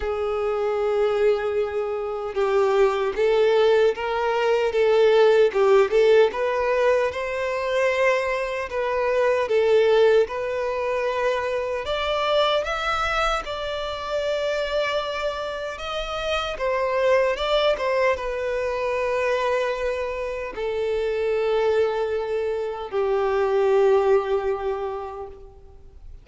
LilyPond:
\new Staff \with { instrumentName = "violin" } { \time 4/4 \tempo 4 = 76 gis'2. g'4 | a'4 ais'4 a'4 g'8 a'8 | b'4 c''2 b'4 | a'4 b'2 d''4 |
e''4 d''2. | dis''4 c''4 d''8 c''8 b'4~ | b'2 a'2~ | a'4 g'2. | }